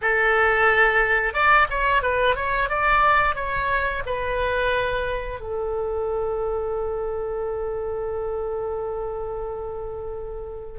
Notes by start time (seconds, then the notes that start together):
0.01 A4
1.33 D5
1.69 C#5
2.02 B4
2.35 C#5
2.69 D5
3.35 C#5
4.06 B4
5.40 A4